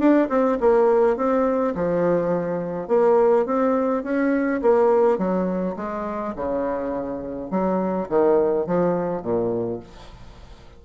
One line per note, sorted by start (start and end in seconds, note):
0.00 0.29 D4
0.29 0.58 C4
0.61 1.17 A#3
1.17 1.75 C4
1.76 2.88 F3
2.88 3.46 A#3
3.46 4.04 C4
4.04 4.62 C#4
4.62 5.19 A#3
5.19 5.76 F#3
5.77 6.35 G#3
6.36 7.51 C#3
7.51 8.09 F#3
8.09 8.67 D#3
8.67 9.23 F3
9.23 9.81 A#2